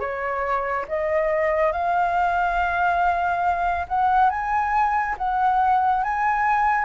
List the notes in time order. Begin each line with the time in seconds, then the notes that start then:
0.00 C#5
0.88 D#5
1.73 F5
3.89 F#5
4.31 G#5
5.19 F#5
6.04 G#5